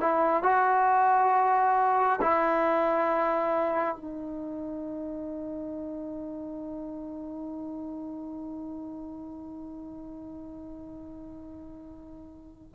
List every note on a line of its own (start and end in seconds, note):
0.00 0.43 E4
0.43 2.19 F#4
2.21 3.96 E4
3.96 12.75 D#4